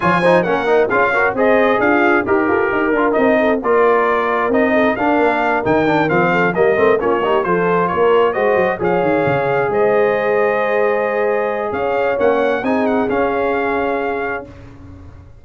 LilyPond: <<
  \new Staff \with { instrumentName = "trumpet" } { \time 4/4 \tempo 4 = 133 gis''4 fis''4 f''4 dis''4 | f''4 ais'2 dis''4 | d''2 dis''4 f''4~ | f''8 g''4 f''4 dis''4 cis''8~ |
cis''8 c''4 cis''4 dis''4 f''8~ | f''4. dis''2~ dis''8~ | dis''2 f''4 fis''4 | gis''8 fis''8 f''2. | }
  \new Staff \with { instrumentName = "horn" } { \time 4/4 cis''8 c''8 ais'4 gis'8 ais'8 c''4 | f'4 g'8 a'8 ais'4. a'8 | ais'2~ ais'8 a'8 ais'4~ | ais'2 a'8 ais'4 f'8 |
g'8 a'4 ais'4 c''4 cis''8~ | cis''4. c''2~ c''8~ | c''2 cis''2 | gis'1 | }
  \new Staff \with { instrumentName = "trombone" } { \time 4/4 f'8 dis'8 cis'8 dis'8 f'8 fis'8 gis'4~ | gis'4 g'4. f'8 dis'4 | f'2 dis'4 d'4~ | d'8 dis'8 d'8 c'4 ais8 c'8 cis'8 |
dis'8 f'2 fis'4 gis'8~ | gis'1~ | gis'2. cis'4 | dis'4 cis'2. | }
  \new Staff \with { instrumentName = "tuba" } { \time 4/4 f4 ais4 cis'4 c'4 | d'4 dis'8 f'8 dis'8 d'8 c'4 | ais2 c'4 d'8 ais8~ | ais8 dis4 f4 g8 a8 ais8~ |
ais8 f4 ais4 gis8 fis8 f8 | dis8 cis4 gis2~ gis8~ | gis2 cis'4 ais4 | c'4 cis'2. | }
>>